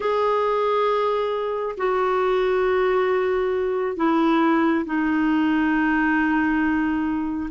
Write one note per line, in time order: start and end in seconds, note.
0.00 1.75 G#4
1.77 3.96 F#4
3.96 4.84 E4
4.85 7.49 D#4